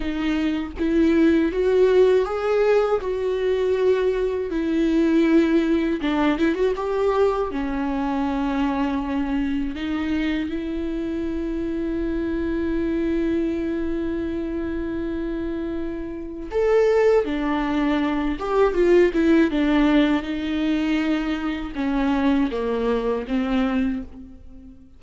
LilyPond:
\new Staff \with { instrumentName = "viola" } { \time 4/4 \tempo 4 = 80 dis'4 e'4 fis'4 gis'4 | fis'2 e'2 | d'8 e'16 fis'16 g'4 cis'2~ | cis'4 dis'4 e'2~ |
e'1~ | e'2 a'4 d'4~ | d'8 g'8 f'8 e'8 d'4 dis'4~ | dis'4 cis'4 ais4 c'4 | }